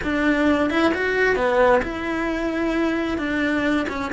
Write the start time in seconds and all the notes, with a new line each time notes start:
0.03 D4
0.70 E4
0.94 F#4
1.36 B3
1.82 E4
3.17 D4
3.88 C#4